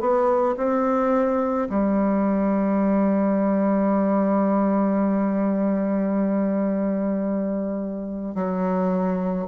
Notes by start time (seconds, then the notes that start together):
0.00 B3
0.57 C4
1.69 G3
8.35 F#3